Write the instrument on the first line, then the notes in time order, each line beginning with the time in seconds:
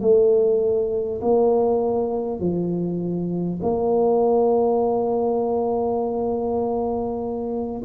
tuba
0.00 A3
1.21 A#3
2.39 F3
3.62 A#3